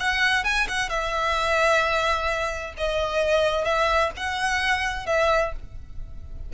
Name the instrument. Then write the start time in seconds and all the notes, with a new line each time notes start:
violin
0.00 F#5
0.44 G#5
0.68 F#5
0.90 E5
2.78 D#5
3.65 E5
4.17 F#5
5.06 E5